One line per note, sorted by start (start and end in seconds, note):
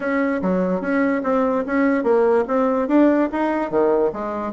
0.00 0.41 C#4
0.41 0.81 F#3
0.81 1.22 C#4
1.23 1.64 C4
1.66 2.03 C#4
2.03 2.44 A#3
2.47 2.88 C4
2.88 3.29 D4
3.32 3.70 D#4
3.70 4.11 D#3
4.12 4.52 G#3